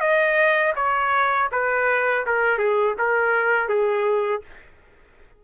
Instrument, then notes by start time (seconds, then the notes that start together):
trumpet
0.00 D#5
0.75 C#5
1.52 B4
2.26 A#4
2.58 G#4
2.98 A#4
3.69 G#4